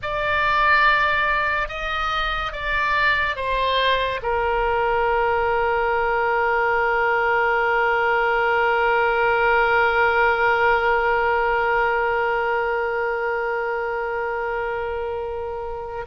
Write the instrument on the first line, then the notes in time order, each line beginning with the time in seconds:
oboe
0.02 D5
1.68 D#5
2.52 D5
3.36 C5
4.22 A#4